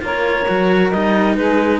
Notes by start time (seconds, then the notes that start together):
0.00 A#3 F4 A#4 C#5
0.48 F#3 F#4
0.91 G3 D#4 D#5
1.36 G#3 G#4 B4